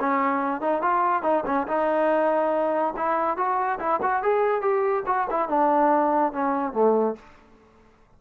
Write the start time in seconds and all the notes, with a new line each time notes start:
0.00 C#4
0.61 D#4
0.82 F4
1.23 D#4
1.46 C#4
1.68 D#4
2.97 E4
3.37 F#4
3.80 E4
4.02 F#4
4.23 G#4
4.62 G4
5.06 F#4
5.30 E4
5.49 D4
6.33 C#4
6.73 A3